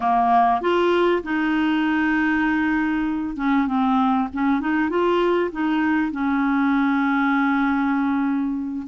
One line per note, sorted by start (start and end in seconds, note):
0.00 0.61 A#3
0.61 1.22 F4
1.23 3.36 D#4
3.36 3.67 C#4
3.67 4.28 C4
4.33 4.60 C#4
4.60 4.89 D#4
4.89 5.50 F4
5.51 6.11 D#4
6.11 8.87 C#4